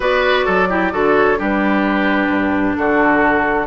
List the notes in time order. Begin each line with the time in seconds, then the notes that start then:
0.00 B3 F#4 B4 D5
0.45 F#3 A4
0.69 E4 G4
0.91 D3 F#4 A4
1.16 C#5
1.36 G3 D4 G4
1.42 B4
2.28 G2
2.75 D3 F#4 A4